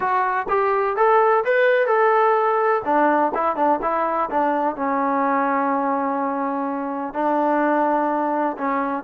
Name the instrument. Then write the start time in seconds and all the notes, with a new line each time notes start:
trombone
0.00 F#4
0.48 G4
0.96 A4
1.44 B4
1.87 A4
2.84 D4
3.34 E4
3.55 D4
3.82 E4
4.30 D4
4.76 C#4
7.14 D4
8.57 C#4